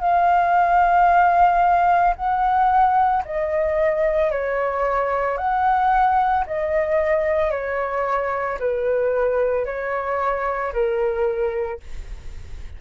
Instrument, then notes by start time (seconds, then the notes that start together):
flute
0.00 F5
2.16 F#5
3.25 D#5
4.31 C#5
5.37 F#5
6.47 D#5
7.51 C#5
8.59 B4
9.66 C#5
10.73 A#4